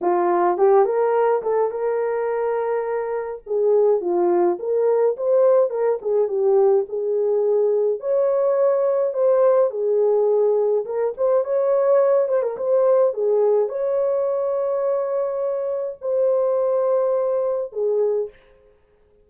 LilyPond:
\new Staff \with { instrumentName = "horn" } { \time 4/4 \tempo 4 = 105 f'4 g'8 ais'4 a'8 ais'4~ | ais'2 gis'4 f'4 | ais'4 c''4 ais'8 gis'8 g'4 | gis'2 cis''2 |
c''4 gis'2 ais'8 c''8 | cis''4. c''16 ais'16 c''4 gis'4 | cis''1 | c''2. gis'4 | }